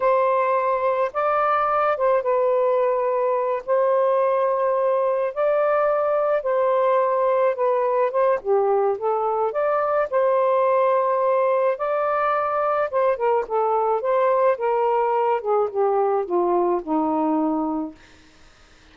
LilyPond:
\new Staff \with { instrumentName = "saxophone" } { \time 4/4 \tempo 4 = 107 c''2 d''4. c''8 | b'2~ b'8 c''4.~ | c''4. d''2 c''8~ | c''4. b'4 c''8 g'4 |
a'4 d''4 c''2~ | c''4 d''2 c''8 ais'8 | a'4 c''4 ais'4. gis'8 | g'4 f'4 dis'2 | }